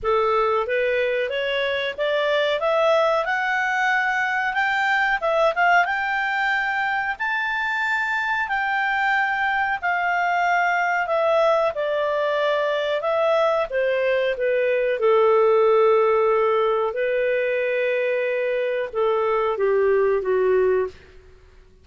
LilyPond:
\new Staff \with { instrumentName = "clarinet" } { \time 4/4 \tempo 4 = 92 a'4 b'4 cis''4 d''4 | e''4 fis''2 g''4 | e''8 f''8 g''2 a''4~ | a''4 g''2 f''4~ |
f''4 e''4 d''2 | e''4 c''4 b'4 a'4~ | a'2 b'2~ | b'4 a'4 g'4 fis'4 | }